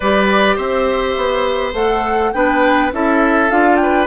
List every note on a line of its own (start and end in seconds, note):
0.00 0.57 G3
0.00 1.74 G4
0.00 0.55 B4
0.00 0.57 D5
0.55 1.16 C4
0.55 2.30 C5
0.55 1.74 E5
1.16 1.73 B3
1.73 2.32 A3
1.73 2.32 A4
1.73 2.32 F#5
2.33 2.92 B3
2.33 2.92 D4
2.33 2.93 B4
2.33 2.91 G5
2.92 3.50 C#4
2.92 3.49 E4
2.92 3.81 A4
2.92 3.50 E5
3.49 4.07 D4
3.49 4.07 F4
3.49 3.76 F5
3.76 4.05 G5
3.82 4.07 B4